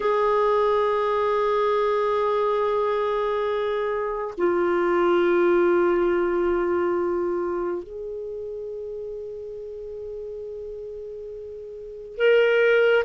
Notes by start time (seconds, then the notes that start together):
0.00 G#4
4.37 F4
7.83 G#4
12.17 A#4